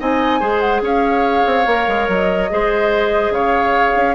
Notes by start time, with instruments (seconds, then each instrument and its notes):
0.00 bassoon C4, clarinet D#4, oboe D#5, flute G#5
0.40 bassoon G#3, clarinet G#4, oboe C5
0.61 flute F#5
0.82 bassoon C#4, oboe C#5, flute F5
1.47 bassoon C4
1.67 bassoon A#3, clarinet A#4
1.88 bassoon G#3
2.08 bassoon F#3, flute D#5
2.50 bassoon G#3, clarinet G#4, oboe C5
3.30 bassoon C#3, oboe C#5, flute F5
3.96 bassoon C#4